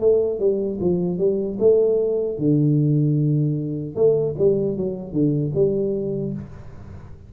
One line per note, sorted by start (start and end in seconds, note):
0.00 0.39 A3
0.39 0.79 G3
0.80 1.18 F3
1.18 1.58 G3
1.59 2.38 A3
2.38 3.96 D3
3.96 4.35 A3
4.39 4.77 G3
4.77 5.12 F#3
5.12 5.52 D3
5.54 6.33 G3